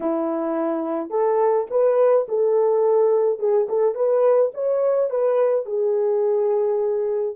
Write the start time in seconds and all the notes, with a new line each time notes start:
0.00 E4
1.10 A4
1.70 B4
2.28 A4
3.39 G#4
3.68 A4
3.94 B4
4.53 C#5
5.09 B4
5.65 G#4